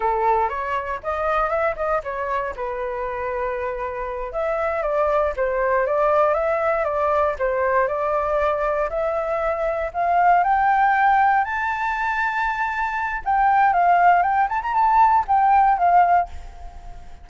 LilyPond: \new Staff \with { instrumentName = "flute" } { \time 4/4 \tempo 4 = 118 a'4 cis''4 dis''4 e''8 dis''8 | cis''4 b'2.~ | b'8 e''4 d''4 c''4 d''8~ | d''8 e''4 d''4 c''4 d''8~ |
d''4. e''2 f''8~ | f''8 g''2 a''4.~ | a''2 g''4 f''4 | g''8 a''16 ais''16 a''4 g''4 f''4 | }